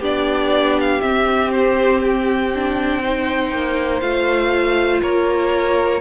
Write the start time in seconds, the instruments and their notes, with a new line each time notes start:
0.00 cello B3, viola D4, violin G4 D5
0.81 violin F5
1.01 viola C4, cello C4, violin E5
1.51 violin C5
2.05 violin G5
2.55 viola D4
3.03 viola D#4, violin C5
3.52 cello A#3
4.01 cello A3, viola F4, violin F5
5.02 cello A#3, violin A#4 C#5